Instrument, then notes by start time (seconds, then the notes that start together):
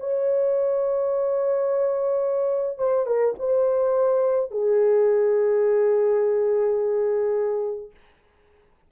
horn
0.00 C#5
2.78 C5
3.07 A#4
3.40 C5
4.51 G#4